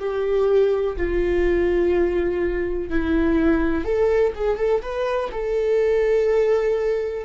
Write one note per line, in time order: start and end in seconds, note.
0.00 0.97 G4
0.97 2.90 F4
2.90 3.85 E4
3.85 4.34 A4
4.35 4.57 G#4
4.57 4.82 A4
4.82 5.30 B4
5.32 7.25 A4